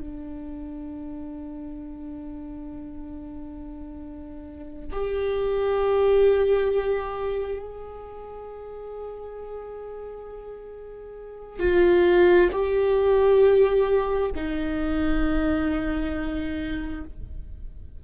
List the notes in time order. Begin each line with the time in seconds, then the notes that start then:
0.00 D4
4.92 G4
7.59 G#4
11.59 F4
12.52 G4
14.36 D#4